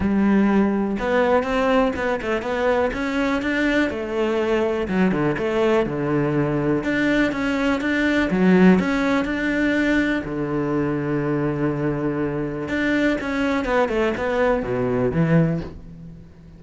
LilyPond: \new Staff \with { instrumentName = "cello" } { \time 4/4 \tempo 4 = 123 g2 b4 c'4 | b8 a8 b4 cis'4 d'4 | a2 fis8 d8 a4 | d2 d'4 cis'4 |
d'4 fis4 cis'4 d'4~ | d'4 d2.~ | d2 d'4 cis'4 | b8 a8 b4 b,4 e4 | }